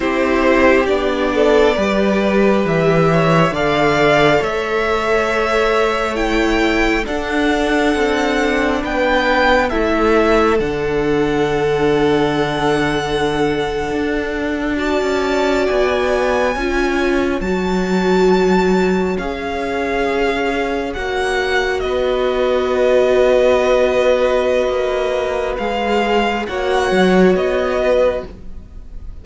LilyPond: <<
  \new Staff \with { instrumentName = "violin" } { \time 4/4 \tempo 4 = 68 c''4 d''2 e''4 | f''4 e''2 g''4 | fis''2 g''4 e''4 | fis''1~ |
fis''8. a''4 gis''2 a''16~ | a''4.~ a''16 f''2 fis''16~ | fis''8. dis''2.~ dis''16~ | dis''4 f''4 fis''4 dis''4 | }
  \new Staff \with { instrumentName = "violin" } { \time 4/4 g'4. a'8 b'4. cis''8 | d''4 cis''2. | a'2 b'4 a'4~ | a'1~ |
a'8. d''2 cis''4~ cis''16~ | cis''1~ | cis''8. b'2.~ b'16~ | b'2 cis''4. b'8 | }
  \new Staff \with { instrumentName = "viola" } { \time 4/4 e'4 d'4 g'2 | a'2. e'4 | d'2. e'4 | d'1~ |
d'8. fis'2 f'4 fis'16~ | fis'4.~ fis'16 gis'2 fis'16~ | fis'1~ | fis'4 gis'4 fis'2 | }
  \new Staff \with { instrumentName = "cello" } { \time 4/4 c'4 b4 g4 e4 | d4 a2. | d'4 c'4 b4 a4 | d2.~ d8. d'16~ |
d'4 cis'8. b4 cis'4 fis16~ | fis4.~ fis16 cis'2 ais16~ | ais8. b2.~ b16 | ais4 gis4 ais8 fis8 b4 | }
>>